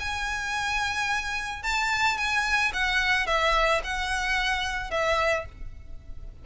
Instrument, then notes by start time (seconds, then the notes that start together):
violin
0.00 G#5
1.63 A5
2.17 G#5
2.73 F#5
3.27 E5
3.84 F#5
4.91 E5